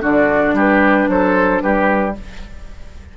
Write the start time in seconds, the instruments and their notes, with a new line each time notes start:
0.00 bassoon D3, clarinet D4, oboe F#4, flute D5
0.53 bassoon G3, oboe G4, flute B4
1.08 bassoon F#3, oboe A4, flute C5
1.61 bassoon G3, oboe G4, flute B4